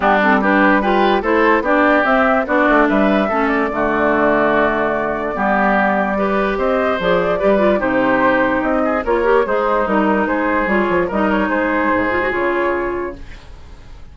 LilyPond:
<<
  \new Staff \with { instrumentName = "flute" } { \time 4/4 \tempo 4 = 146 g'8 a'8 b'4 g'4 c''4 | d''4 e''4 d''4 e''4~ | e''8 d''2.~ d''8~ | d''1 |
dis''4 d''2 c''4~ | c''4 dis''4 cis''4 c''4 | ais'4 c''4 cis''4 dis''8 cis''8 | c''2 cis''2 | }
  \new Staff \with { instrumentName = "oboe" } { \time 4/4 d'4 g'4 b'4 a'4 | g'2 fis'4 b'4 | a'4 fis'2.~ | fis'4 g'2 b'4 |
c''2 b'4 g'4~ | g'4. gis'8 ais'4 dis'4~ | dis'4 gis'2 ais'4 | gis'1 | }
  \new Staff \with { instrumentName = "clarinet" } { \time 4/4 b8 c'8 d'4 f'4 e'4 | d'4 c'4 d'2 | cis'4 a2.~ | a4 b2 g'4~ |
g'4 gis'4 g'8 f'8 dis'4~ | dis'2 f'8 g'8 gis'4 | dis'2 f'4 dis'4~ | dis'4. f'16 fis'16 f'2 | }
  \new Staff \with { instrumentName = "bassoon" } { \time 4/4 g2. a4 | b4 c'4 b8 a8 g4 | a4 d2.~ | d4 g2. |
c'4 f4 g4 c4~ | c4 c'4 ais4 gis4 | g4 gis4 g8 f8 g4 | gis4 gis,4 cis2 | }
>>